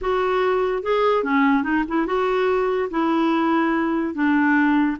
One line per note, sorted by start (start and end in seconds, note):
0.01 0.82 F#4
0.82 1.23 G#4
1.23 1.63 C#4
1.63 1.83 D#4
1.88 2.06 E4
2.06 2.89 F#4
2.90 4.14 E4
4.14 4.97 D4